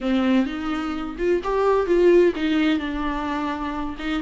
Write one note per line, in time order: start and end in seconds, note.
0.01 0.45 C4
0.45 1.16 D#4
1.18 1.41 F4
1.43 1.86 G4
1.86 2.33 F4
2.35 2.78 D#4
2.78 3.95 D4
3.98 4.22 D#4